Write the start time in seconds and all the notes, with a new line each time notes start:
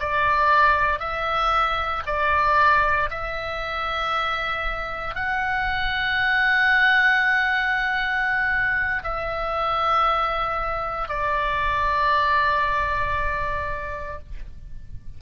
0.00 D5
1.00 E5
2.06 D5
3.10 E5
5.15 F#5
9.04 E5
11.09 D5